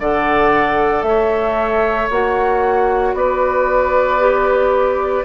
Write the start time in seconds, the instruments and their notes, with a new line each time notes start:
0.00 bassoon D3, clarinet A4, oboe D5, flute F#5
1.03 bassoon A3, oboe C#5, flute E5
2.11 bassoon A#3, clarinet F#4, flute F#5
3.14 bassoon B3, oboe B4, flute D5
4.20 clarinet G4